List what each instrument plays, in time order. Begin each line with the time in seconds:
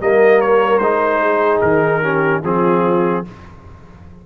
0.00 tuba G3, trombone A#3, horn A#4, trumpet D#5
0.42 trumpet C#5
0.79 tuba G#3, trombone D#4, trumpet C5
1.21 horn G#4
1.61 tuba D#3, trumpet A#4
2.02 trombone C#4, horn G4
2.44 tuba F3, trombone C4, horn F4, trumpet G#4